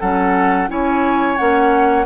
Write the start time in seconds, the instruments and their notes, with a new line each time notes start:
0.00 bassoon F#3, clarinet C#4, oboe A4, flute F#5
0.69 bassoon C#4, clarinet E4, oboe C#5, flute G#5
1.37 bassoon A#3, clarinet C#4, flute F#5